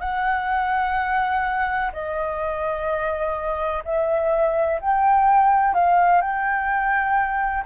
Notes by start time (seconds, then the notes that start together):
0.00 F#5
1.92 D#5
3.84 E5
4.81 G5
5.74 F5
6.21 G5